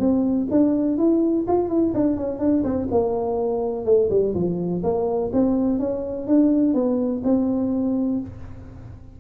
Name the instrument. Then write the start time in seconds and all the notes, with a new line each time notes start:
tuba
0.00 C4
0.51 D4
0.98 E4
1.48 F4
1.69 E4
1.94 D4
2.18 C#4
2.40 D4
2.64 C4
2.91 A#3
3.86 A3
4.10 G3
4.35 F3
4.84 A#3
5.33 C4
5.79 C#4
6.28 D4
6.74 B3
7.24 C4